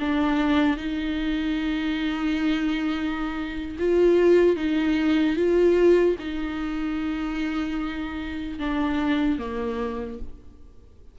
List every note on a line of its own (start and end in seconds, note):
0.00 0.77 D4
0.77 3.77 D#4
3.79 4.56 F4
4.56 5.36 D#4
5.37 6.17 F4
6.19 8.59 D#4
8.60 9.39 D4
9.39 10.19 A#3